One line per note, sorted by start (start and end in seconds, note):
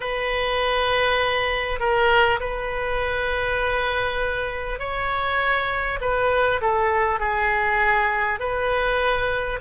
0.00 1.79 B4
1.79 2.39 A#4
2.39 4.79 B4
4.79 5.99 C#5
6.00 6.60 B4
6.61 7.19 A4
7.19 8.39 G#4
8.39 9.59 B4